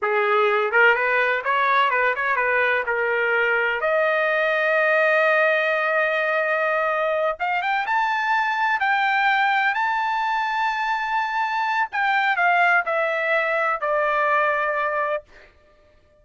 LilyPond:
\new Staff \with { instrumentName = "trumpet" } { \time 4/4 \tempo 4 = 126 gis'4. ais'8 b'4 cis''4 | b'8 cis''8 b'4 ais'2 | dis''1~ | dis''2.~ dis''8 f''8 |
g''8 a''2 g''4.~ | g''8 a''2.~ a''8~ | a''4 g''4 f''4 e''4~ | e''4 d''2. | }